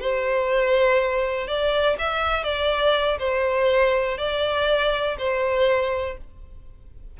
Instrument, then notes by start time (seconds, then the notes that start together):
violin
0.00 C5
1.47 D5
1.99 E5
2.44 D5
3.19 C5
4.17 D5
5.18 C5